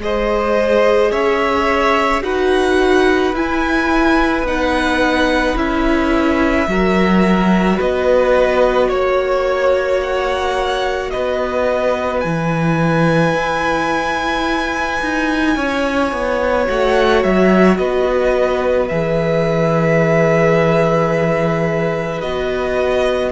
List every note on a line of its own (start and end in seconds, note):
0.00 1.11 G#3
0.00 2.22 G#4
0.00 1.12 C5
0.00 1.12 D#5
1.12 2.22 C#4
1.12 2.23 C#5
1.12 2.23 E5
2.22 3.34 D#4
2.22 3.33 F#4
2.22 6.69 B4
2.22 3.35 F#5
3.34 4.43 E4
3.34 4.47 E4
3.34 4.47 G#5
4.43 5.54 B3
4.43 5.57 D#4
4.43 5.58 F#5
5.56 6.67 C#4
5.56 6.68 E4
5.56 7.80 E5
6.68 7.79 F#3
6.68 12.23 F#4
6.68 7.77 A#4
7.77 8.90 B3
7.77 8.88 B4
7.77 8.90 D#5
8.88 11.12 A#3
8.88 11.10 C#5
8.88 10.01 C#5
10.03 11.11 F#5
11.11 12.25 B3
11.11 15.56 B4
11.11 12.21 D#5
12.21 13.34 E3
12.21 16.66 E4
12.21 16.65 G#5
13.34 15.01 E4
15.01 15.57 D#4
15.56 16.12 C#4
15.56 17.79 C#5
16.12 16.68 B3
16.66 17.24 A3
16.66 18.88 F#4
16.66 17.23 F#5
17.23 17.79 F#3
17.23 17.78 E5
17.78 18.90 B3
17.78 23.32 B4
17.78 18.88 D#5
18.88 22.23 E3
18.88 22.22 G#4
18.88 22.21 E5
22.21 23.32 B3
22.21 23.32 F#4
22.21 23.32 D#5